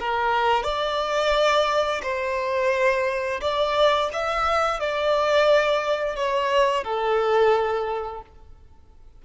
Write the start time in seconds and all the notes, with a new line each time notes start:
0.00 A#4
0.64 D5
2.03 C5
3.41 D5
4.13 E5
4.80 D5
6.16 C#5
6.84 A4